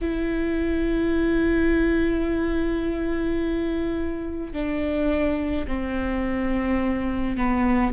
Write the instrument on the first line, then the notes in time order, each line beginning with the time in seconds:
viola
0.01 E4
4.52 D4
5.67 C4
7.36 B3